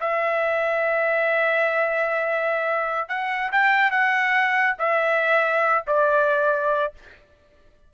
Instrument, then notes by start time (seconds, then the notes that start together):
trumpet
0.00 E5
3.08 F#5
3.51 G5
3.91 F#5
4.78 E5
5.87 D5